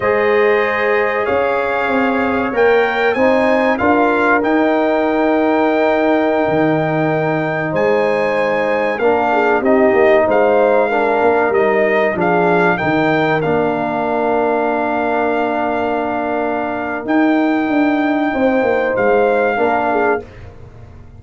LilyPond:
<<
  \new Staff \with { instrumentName = "trumpet" } { \time 4/4 \tempo 4 = 95 dis''2 f''2 | g''4 gis''4 f''4 g''4~ | g''1~ | g''16 gis''2 f''4 dis''8.~ |
dis''16 f''2 dis''4 f''8.~ | f''16 g''4 f''2~ f''8.~ | f''2. g''4~ | g''2 f''2 | }
  \new Staff \with { instrumentName = "horn" } { \time 4/4 c''2 cis''2~ | cis''4 c''4 ais'2~ | ais'1~ | ais'16 c''2 ais'8 gis'8 g'8.~ |
g'16 c''4 ais'2 gis'8.~ | gis'16 ais'2.~ ais'8.~ | ais'1~ | ais'4 c''2 ais'8 gis'8 | }
  \new Staff \with { instrumentName = "trombone" } { \time 4/4 gis'1 | ais'4 dis'4 f'4 dis'4~ | dis'1~ | dis'2~ dis'16 d'4 dis'8.~ |
dis'4~ dis'16 d'4 dis'4 d'8.~ | d'16 dis'4 d'2~ d'8.~ | d'2. dis'4~ | dis'2. d'4 | }
  \new Staff \with { instrumentName = "tuba" } { \time 4/4 gis2 cis'4 c'4 | ais4 c'4 d'4 dis'4~ | dis'2~ dis'16 dis4.~ dis16~ | dis16 gis2 ais4 c'8 ais16~ |
ais16 gis4. ais8 g4 f8.~ | f16 dis4 ais2~ ais8.~ | ais2. dis'4 | d'4 c'8 ais8 gis4 ais4 | }
>>